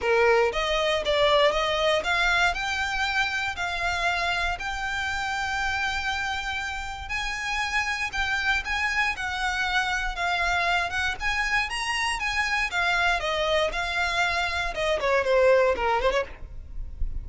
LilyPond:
\new Staff \with { instrumentName = "violin" } { \time 4/4 \tempo 4 = 118 ais'4 dis''4 d''4 dis''4 | f''4 g''2 f''4~ | f''4 g''2.~ | g''2 gis''2 |
g''4 gis''4 fis''2 | f''4. fis''8 gis''4 ais''4 | gis''4 f''4 dis''4 f''4~ | f''4 dis''8 cis''8 c''4 ais'8 c''16 cis''16 | }